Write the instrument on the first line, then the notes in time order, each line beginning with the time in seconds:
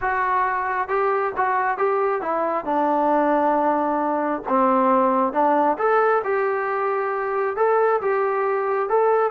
trombone
0.01 F#4
0.88 G4
1.37 F#4
1.77 G4
2.21 E4
2.64 D4
4.48 C4
5.33 D4
5.78 A4
6.23 G4
7.56 A4
8.01 G4
8.89 A4